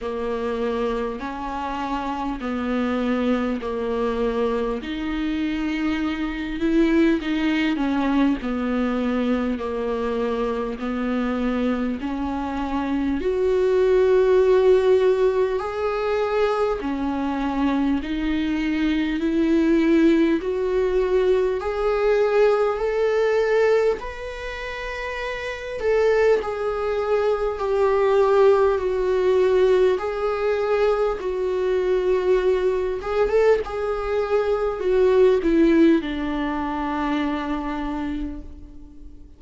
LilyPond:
\new Staff \with { instrumentName = "viola" } { \time 4/4 \tempo 4 = 50 ais4 cis'4 b4 ais4 | dis'4. e'8 dis'8 cis'8 b4 | ais4 b4 cis'4 fis'4~ | fis'4 gis'4 cis'4 dis'4 |
e'4 fis'4 gis'4 a'4 | b'4. a'8 gis'4 g'4 | fis'4 gis'4 fis'4. gis'16 a'16 | gis'4 fis'8 e'8 d'2 | }